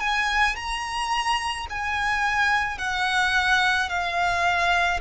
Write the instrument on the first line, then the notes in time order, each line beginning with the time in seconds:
violin
0.00 G#5
0.55 A#5
1.69 G#5
2.78 F#5
3.89 F5